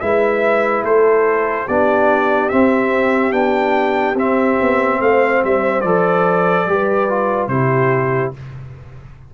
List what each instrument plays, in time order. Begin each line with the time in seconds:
0.00 tuba G#3, trombone E4, horn B4, trumpet E5
0.83 tuba A3, horn A4, trumpet C5
1.66 tuba B3, trombone D4, horn G4, trumpet D5
2.49 trombone C4, tuba C4, trumpet E5
3.31 tuba B3, trombone D4, trumpet G5
4.14 tuba C4, trombone C4, trumpet E5
4.61 tuba B3
5.00 tuba A3, horn C5, trumpet F5
5.44 tuba G3, trumpet E5
5.81 tuba F3, trombone A4, trumpet D5
6.66 tuba G3, trombone G4, horn B4
7.09 trombone F4
7.48 tuba C3, trombone E4, horn G4, trumpet C5